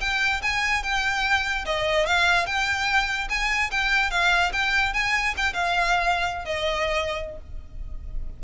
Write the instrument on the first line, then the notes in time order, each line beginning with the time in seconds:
violin
0.00 G5
0.42 G#5
0.83 G5
1.65 D#5
2.06 F5
2.46 G5
3.29 G#5
3.71 G5
4.10 F5
4.52 G5
4.93 G#5
5.37 G5
5.53 F5
6.45 D#5